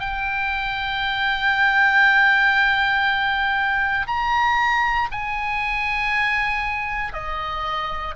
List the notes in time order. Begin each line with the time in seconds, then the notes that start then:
0.00 G5
4.08 A#5
5.12 G#5
7.13 D#5